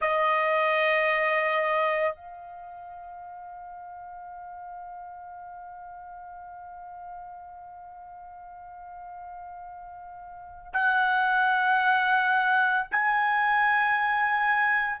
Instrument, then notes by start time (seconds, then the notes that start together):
trumpet
0.01 D#5
2.15 F5
10.73 F#5
12.91 G#5